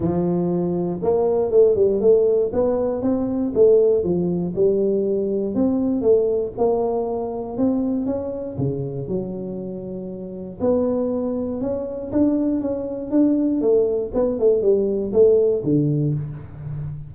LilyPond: \new Staff \with { instrumentName = "tuba" } { \time 4/4 \tempo 4 = 119 f2 ais4 a8 g8 | a4 b4 c'4 a4 | f4 g2 c'4 | a4 ais2 c'4 |
cis'4 cis4 fis2~ | fis4 b2 cis'4 | d'4 cis'4 d'4 a4 | b8 a8 g4 a4 d4 | }